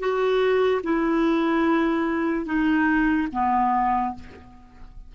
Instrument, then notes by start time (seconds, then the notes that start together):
clarinet
0.00 F#4
0.84 E4
2.46 D#4
3.33 B3